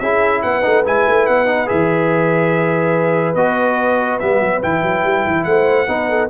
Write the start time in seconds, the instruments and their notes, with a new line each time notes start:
0.00 tuba C#4, trombone E4, horn G#4, trumpet E5
0.43 tuba B3, horn B4, trumpet F#5
0.63 tuba A3, trombone D#4
0.85 tuba G#3, trombone E4, trumpet G#5
1.08 tuba A3
1.27 tuba B3, trumpet F#5
1.47 trombone D#4
1.67 tuba E3, trombone G#4, trumpet E5
3.35 tuba B3, trombone F#4, trumpet D#5
4.20 tuba G3, trombone B3, trumpet E5
4.41 tuba F#3
4.63 tuba E3, trombone E4, trumpet G5
4.83 tuba F#3
5.04 tuba G3
5.27 tuba E3
5.44 tuba A3, horn C5, trumpet F#5
5.88 tuba B3, trombone D#4, horn B4
6.10 horn A4